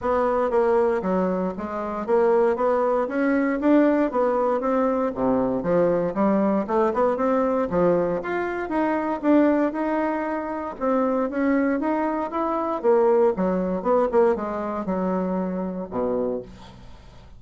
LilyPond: \new Staff \with { instrumentName = "bassoon" } { \time 4/4 \tempo 4 = 117 b4 ais4 fis4 gis4 | ais4 b4 cis'4 d'4 | b4 c'4 c4 f4 | g4 a8 b8 c'4 f4 |
f'4 dis'4 d'4 dis'4~ | dis'4 c'4 cis'4 dis'4 | e'4 ais4 fis4 b8 ais8 | gis4 fis2 b,4 | }